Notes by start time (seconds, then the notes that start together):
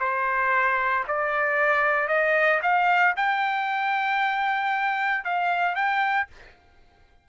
0.00 C5
1.08 D5
2.08 D#5
2.63 F5
3.17 G5
5.25 F5
5.75 G5